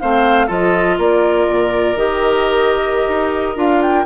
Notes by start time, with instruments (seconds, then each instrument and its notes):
0.00 bassoon A3, clarinet C4, oboe C5, flute F5
0.47 bassoon F3, clarinet F4, oboe A4, flute D#5
0.98 bassoon A#3, oboe A#4, flute D5
1.48 bassoon A#2
1.96 bassoon D#3, clarinet G4, flute D#5
3.08 bassoon D#4
3.56 bassoon D4, clarinet F4, flute F5
3.82 flute G5